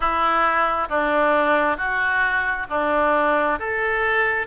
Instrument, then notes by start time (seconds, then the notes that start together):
oboe
0.00 E4
0.88 D4
1.77 F#4
2.69 D4
3.59 A4